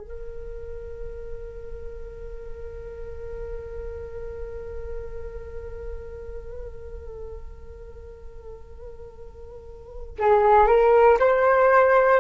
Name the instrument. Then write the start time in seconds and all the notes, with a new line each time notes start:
flute
0.00 A#4
10.19 G#4
10.67 A#4
11.19 C5